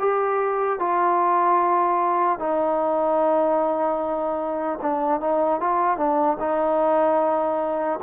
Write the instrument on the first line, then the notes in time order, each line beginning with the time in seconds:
trombone
0.00 G4
0.79 F4
2.39 D#4
4.82 D4
5.21 D#4
5.61 F4
5.97 D4
6.40 D#4